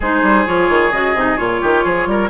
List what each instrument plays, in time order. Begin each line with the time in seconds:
0.00 bassoon G#3, clarinet D#4, oboe G#4, flute C5
0.22 bassoon G3
0.45 bassoon F3, clarinet F4, flute C#5
0.69 bassoon D#3
0.91 bassoon C#3, clarinet F#4, flute D#5
1.14 bassoon C3, clarinet D#4
1.37 bassoon A#2, clarinet F4, flute C#5
1.61 bassoon D#3, oboe G4
1.84 bassoon F3, oboe G#4
2.06 bassoon G3, oboe A#4